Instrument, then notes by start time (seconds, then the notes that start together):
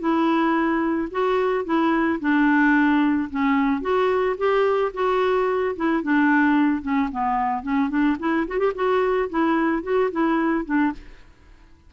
clarinet
0.00 E4
1.12 F#4
1.65 E4
2.21 D4
3.30 C#4
3.82 F#4
4.38 G4
4.94 F#4
5.76 E4
6.03 D4
6.83 C#4
7.12 B3
7.64 C#4
7.90 D4
8.20 E4
8.48 F#4
8.59 G4
8.75 F#4
9.30 E4
9.84 F#4
10.12 E4
10.66 D4